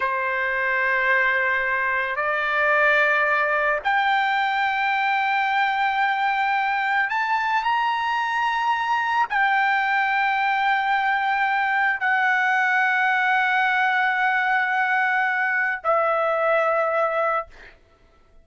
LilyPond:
\new Staff \with { instrumentName = "trumpet" } { \time 4/4 \tempo 4 = 110 c''1 | d''2. g''4~ | g''1~ | g''4 a''4 ais''2~ |
ais''4 g''2.~ | g''2 fis''2~ | fis''1~ | fis''4 e''2. | }